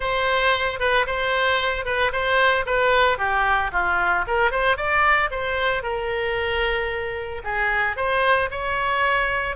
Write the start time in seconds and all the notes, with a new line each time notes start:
0.00 C5
0.79 B4
1.06 C5
1.85 B4
2.12 C5
2.65 B4
3.18 G4
3.72 F4
4.27 A#4
4.51 C5
4.76 D5
5.30 C5
5.82 A#4
7.43 G#4
7.96 C5
8.50 C#5